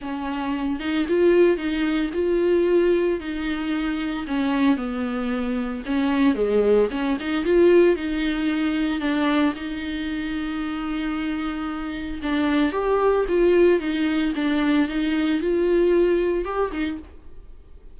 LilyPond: \new Staff \with { instrumentName = "viola" } { \time 4/4 \tempo 4 = 113 cis'4. dis'8 f'4 dis'4 | f'2 dis'2 | cis'4 b2 cis'4 | gis4 cis'8 dis'8 f'4 dis'4~ |
dis'4 d'4 dis'2~ | dis'2. d'4 | g'4 f'4 dis'4 d'4 | dis'4 f'2 g'8 dis'8 | }